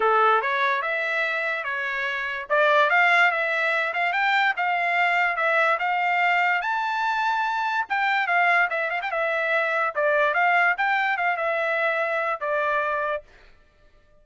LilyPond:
\new Staff \with { instrumentName = "trumpet" } { \time 4/4 \tempo 4 = 145 a'4 cis''4 e''2 | cis''2 d''4 f''4 | e''4. f''8 g''4 f''4~ | f''4 e''4 f''2 |
a''2. g''4 | f''4 e''8 f''16 g''16 e''2 | d''4 f''4 g''4 f''8 e''8~ | e''2 d''2 | }